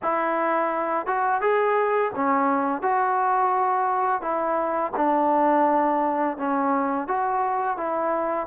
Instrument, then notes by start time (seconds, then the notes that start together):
trombone
0.02 E4
1.06 F#4
1.41 G#4
2.15 C#4
2.82 F#4
4.21 E4
4.96 D4
6.37 C#4
7.07 F#4
7.76 E4